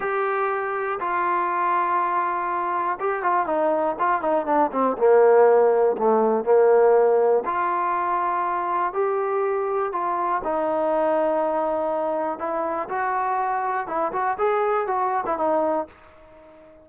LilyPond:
\new Staff \with { instrumentName = "trombone" } { \time 4/4 \tempo 4 = 121 g'2 f'2~ | f'2 g'8 f'8 dis'4 | f'8 dis'8 d'8 c'8 ais2 | a4 ais2 f'4~ |
f'2 g'2 | f'4 dis'2.~ | dis'4 e'4 fis'2 | e'8 fis'8 gis'4 fis'8. e'16 dis'4 | }